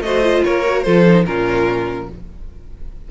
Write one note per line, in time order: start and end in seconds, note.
0.00 0.41 A3
0.00 0.23 F#4
0.00 0.44 C5
0.00 0.43 D#5
0.23 0.64 F4
0.44 0.86 A#3
0.44 0.84 A#4
0.44 0.82 C#5
0.65 0.85 F#4
0.82 1.26 F3
0.82 1.06 F4
0.82 1.26 A4
0.82 1.24 C5
1.07 1.26 D#4
1.26 2.09 A#2
1.26 2.09 C#4
1.26 2.10 F4
1.26 2.08 A#4